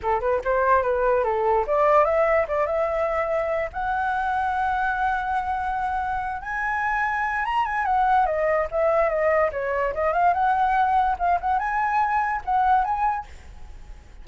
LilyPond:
\new Staff \with { instrumentName = "flute" } { \time 4/4 \tempo 4 = 145 a'8 b'8 c''4 b'4 a'4 | d''4 e''4 d''8 e''4.~ | e''4 fis''2.~ | fis''2.~ fis''8 gis''8~ |
gis''2 ais''8 gis''8 fis''4 | dis''4 e''4 dis''4 cis''4 | dis''8 f''8 fis''2 f''8 fis''8 | gis''2 fis''4 gis''4 | }